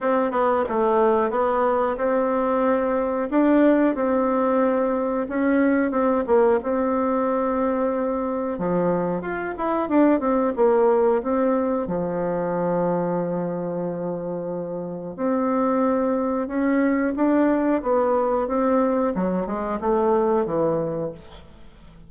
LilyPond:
\new Staff \with { instrumentName = "bassoon" } { \time 4/4 \tempo 4 = 91 c'8 b8 a4 b4 c'4~ | c'4 d'4 c'2 | cis'4 c'8 ais8 c'2~ | c'4 f4 f'8 e'8 d'8 c'8 |
ais4 c'4 f2~ | f2. c'4~ | c'4 cis'4 d'4 b4 | c'4 fis8 gis8 a4 e4 | }